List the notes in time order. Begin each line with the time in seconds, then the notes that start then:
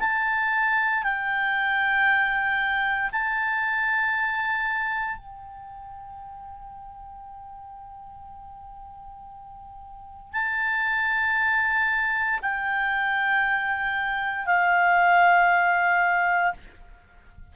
0.00 A5
1.03 G5
3.12 A5
5.17 G5
10.33 A5
12.42 G5
14.46 F5